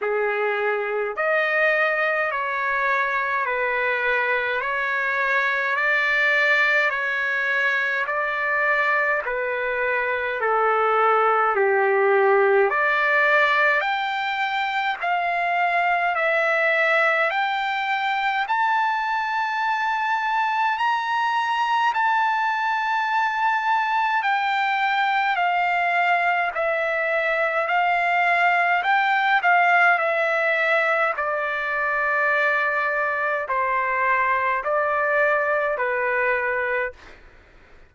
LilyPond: \new Staff \with { instrumentName = "trumpet" } { \time 4/4 \tempo 4 = 52 gis'4 dis''4 cis''4 b'4 | cis''4 d''4 cis''4 d''4 | b'4 a'4 g'4 d''4 | g''4 f''4 e''4 g''4 |
a''2 ais''4 a''4~ | a''4 g''4 f''4 e''4 | f''4 g''8 f''8 e''4 d''4~ | d''4 c''4 d''4 b'4 | }